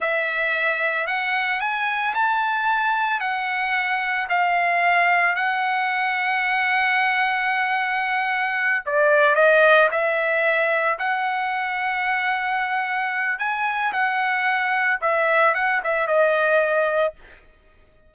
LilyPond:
\new Staff \with { instrumentName = "trumpet" } { \time 4/4 \tempo 4 = 112 e''2 fis''4 gis''4 | a''2 fis''2 | f''2 fis''2~ | fis''1~ |
fis''8 d''4 dis''4 e''4.~ | e''8 fis''2.~ fis''8~ | fis''4 gis''4 fis''2 | e''4 fis''8 e''8 dis''2 | }